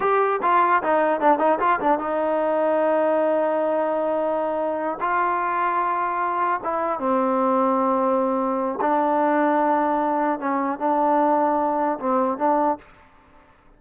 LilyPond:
\new Staff \with { instrumentName = "trombone" } { \time 4/4 \tempo 4 = 150 g'4 f'4 dis'4 d'8 dis'8 | f'8 d'8 dis'2.~ | dis'1~ | dis'8 f'2.~ f'8~ |
f'8 e'4 c'2~ c'8~ | c'2 d'2~ | d'2 cis'4 d'4~ | d'2 c'4 d'4 | }